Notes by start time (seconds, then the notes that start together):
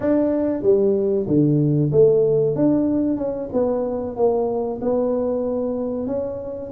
0.00 D4
0.62 G3
1.27 D3
1.91 A3
2.55 D4
3.17 C#4
3.53 B3
4.16 A#3
4.81 B3
6.06 C#4